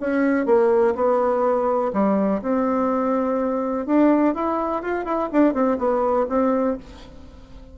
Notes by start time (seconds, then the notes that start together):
0.00 C#4
0.46 A#3
0.95 B3
1.93 G3
2.41 C4
3.86 D4
4.34 E4
4.82 F4
5.04 E4
5.32 D4
5.53 C4
5.78 B3
6.29 C4